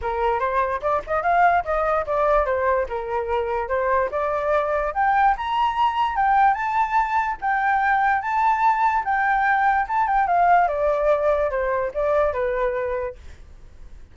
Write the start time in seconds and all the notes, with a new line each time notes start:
0.01 A#4
0.39 C5
0.81 D5
1.06 D#5
1.22 F5
1.64 D#5
2.06 D5
2.45 C5
2.88 A#4
3.68 C5
4.11 D5
4.94 G5
5.37 A#5
6.16 G5
6.54 A5
7.41 G5
8.21 A5
9.04 G5
9.87 A5
10.07 G5
10.27 F5
10.68 D5
11.50 C5
11.94 D5
12.33 B4